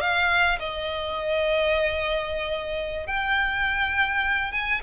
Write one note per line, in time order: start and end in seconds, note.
0.00 0.58 F5
0.59 3.07 D#5
3.07 4.52 G5
4.52 4.81 G#5